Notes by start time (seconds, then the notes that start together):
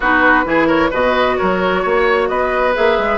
0.00 B3 D#4 F#4 B4
0.44 E3 E4 G#4
0.67 A#4 C#5
0.90 B2 F#4 B4 D#5
1.37 F#3 A#4 C#5
1.82 A#3 C#5
2.28 B3 B4 D#5
2.74 A#3 G#4 E5
2.98 G#3